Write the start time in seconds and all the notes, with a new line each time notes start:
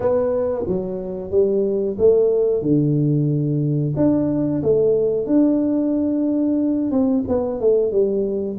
0.00 B3
0.66 F#3
1.30 G3
1.98 A3
2.62 D3
3.96 D4
4.62 A3
5.26 D4
6.91 C4
7.27 B3
7.60 A3
7.91 G3